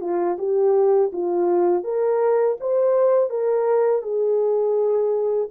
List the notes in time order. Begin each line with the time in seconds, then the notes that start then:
0.00 F4
0.38 G4
1.12 F4
1.84 A#4
2.60 C5
3.29 A#4
4.02 G#4